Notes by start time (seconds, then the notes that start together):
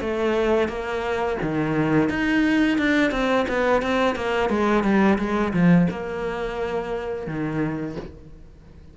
0.00 A3
0.68 A#3
1.41 D#3
2.09 D#4
2.78 D4
3.11 C4
3.48 B3
3.82 C4
4.15 A#3
4.49 G#3
4.83 G3
5.18 G#3
5.53 F3
5.90 A#3
7.27 D#3